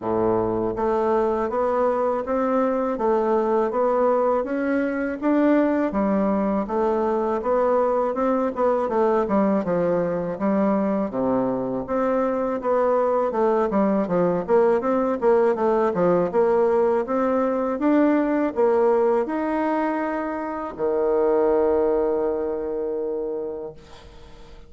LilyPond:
\new Staff \with { instrumentName = "bassoon" } { \time 4/4 \tempo 4 = 81 a,4 a4 b4 c'4 | a4 b4 cis'4 d'4 | g4 a4 b4 c'8 b8 | a8 g8 f4 g4 c4 |
c'4 b4 a8 g8 f8 ais8 | c'8 ais8 a8 f8 ais4 c'4 | d'4 ais4 dis'2 | dis1 | }